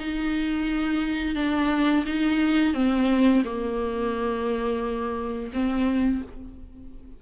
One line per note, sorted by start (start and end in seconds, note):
0.00 1.36 D#4
1.36 2.05 D4
2.07 2.74 D#4
2.74 3.43 C4
3.45 5.52 A#3
5.54 6.23 C4